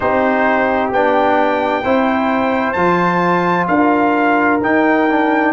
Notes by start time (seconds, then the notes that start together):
0.00 C4 D#4 G4 C5
0.91 B3 D4 G5
1.82 C4 E4 C5
2.72 F3 F4 A5
3.67 D4 A#4 F5
4.61 D#4 G5
5.10 D4